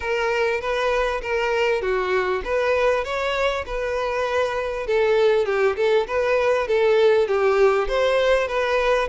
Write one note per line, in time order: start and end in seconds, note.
0.00 0.60 A#4
0.60 1.21 B4
1.21 1.81 A#4
1.81 2.42 F#4
2.44 3.04 B4
3.04 3.64 C#5
3.66 4.87 B4
4.87 5.45 A4
5.45 5.75 G4
5.76 6.06 A4
6.07 6.67 B4
6.67 7.27 A4
7.27 7.88 G4
7.88 8.47 C5
8.47 9.08 B4